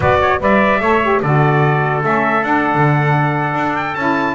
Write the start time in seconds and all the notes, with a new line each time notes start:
0.00 B3 F#4 B4 D5
0.20 C#5
0.39 G3 B4 D5 E5
0.79 A3 A4 C#5
1.02 G4
1.21 D3 F#4 A4 D5
2.02 A3 C#4 E5
2.42 D4 F#5
2.74 D3
3.54 D4
3.76 G5
3.95 C#4 E4 A5